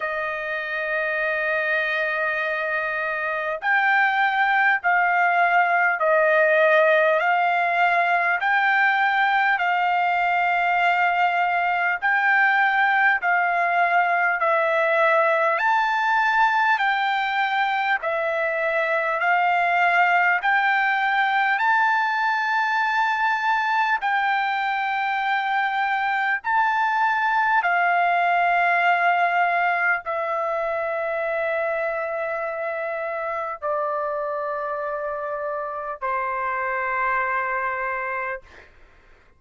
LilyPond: \new Staff \with { instrumentName = "trumpet" } { \time 4/4 \tempo 4 = 50 dis''2. g''4 | f''4 dis''4 f''4 g''4 | f''2 g''4 f''4 | e''4 a''4 g''4 e''4 |
f''4 g''4 a''2 | g''2 a''4 f''4~ | f''4 e''2. | d''2 c''2 | }